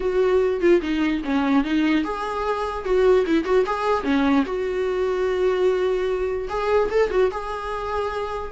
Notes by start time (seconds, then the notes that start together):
0.00 F#4
0.60 F4
0.81 D#4
1.24 C#4
1.63 D#4
2.03 G#4
2.84 F#4
3.26 E4
3.44 F#4
3.66 G#4
4.03 C#4
4.45 F#4
6.49 G#4
6.90 A4
7.10 F#4
7.31 G#4